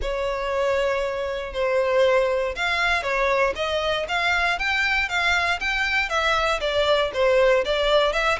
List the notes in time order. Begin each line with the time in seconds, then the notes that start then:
0.01 C#5
1.53 C5
2.55 F5
3.02 C#5
3.55 D#5
4.08 F5
4.58 G5
5.08 F5
5.59 G5
6.09 E5
6.60 D5
7.13 C5
7.64 D5
8.12 E5